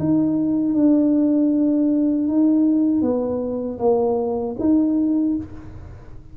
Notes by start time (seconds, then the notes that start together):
0.00 D#4
0.75 D4
2.28 D#4
3.02 B3
3.79 A#3
4.60 D#4